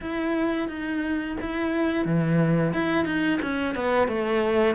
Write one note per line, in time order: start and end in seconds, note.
0.00 0.68 E4
0.68 1.36 D#4
1.40 2.05 E4
2.05 2.73 E3
2.73 3.05 E4
3.05 3.39 D#4
3.41 3.75 C#4
3.75 4.08 B3
4.08 4.75 A3